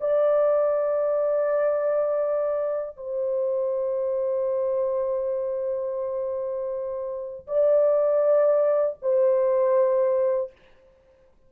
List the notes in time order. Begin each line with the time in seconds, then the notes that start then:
0.00 D5
2.96 C5
7.47 D5
9.01 C5